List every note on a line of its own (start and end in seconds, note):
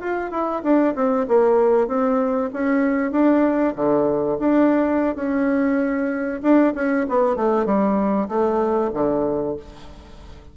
0.00 0.30 F4
0.30 0.62 E4
0.63 0.94 D4
0.95 1.26 C4
1.28 1.87 A#3
1.87 2.50 C4
2.53 3.11 C#4
3.11 3.74 D4
3.75 4.38 D3
4.39 5.15 D4
5.15 6.40 C#4
6.42 6.73 D4
6.74 7.06 C#4
7.08 7.36 B3
7.36 7.65 A3
7.65 8.28 G3
8.28 8.90 A3
8.93 9.56 D3